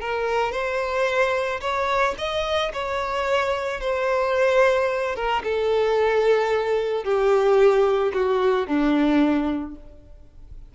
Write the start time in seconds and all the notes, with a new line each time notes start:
0.00 A#4
0.52 C5
1.61 C#5
2.18 D#5
2.73 C#5
3.80 C5
5.15 A#4
5.43 A4
7.04 G4
8.14 F#4
8.67 D4